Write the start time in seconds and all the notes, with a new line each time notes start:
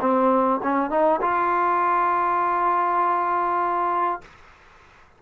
0.00 C4
0.63 C#4
0.90 D#4
1.21 F4